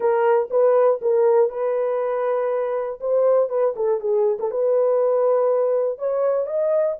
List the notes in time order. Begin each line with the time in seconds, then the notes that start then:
0.00 A#4
0.50 B4
1.01 A#4
1.49 B4
3.00 C5
3.49 B4
3.76 A4
4.00 G#4
4.39 A4
4.50 B4
5.98 C#5
6.46 D#5